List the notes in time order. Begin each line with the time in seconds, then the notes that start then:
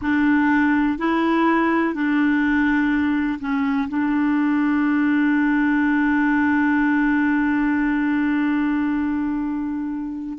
0.01 D4
0.98 E4
1.94 D4
3.40 C#4
3.88 D4